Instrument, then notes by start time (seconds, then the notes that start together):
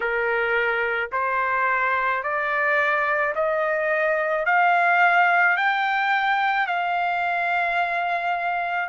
trumpet
0.00 A#4
1.12 C5
2.23 D5
3.35 D#5
4.45 F5
5.57 G5
6.67 F5